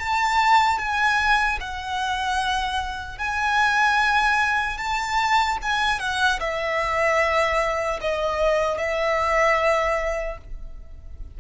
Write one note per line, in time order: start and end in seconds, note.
0.00 0.79 A5
0.79 1.59 G#5
1.60 3.18 F#5
3.18 4.78 G#5
4.78 5.58 A5
5.63 6.00 G#5
6.00 6.40 F#5
6.40 8.00 E5
8.01 8.78 D#5
8.78 10.38 E5